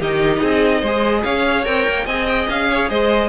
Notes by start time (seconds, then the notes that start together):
0.00 D#3 D#4 G4 D#5
0.41 C4 G#4
0.80 G#3 G#4 C5
1.24 C#4 C#5 F5
1.64 C4 A#4 G5
1.88 A#3
2.05 C4 G#4 D#5 G#5
2.27 G5
2.49 C#4 F5
2.70 C#5
2.90 G#3 C5 D#5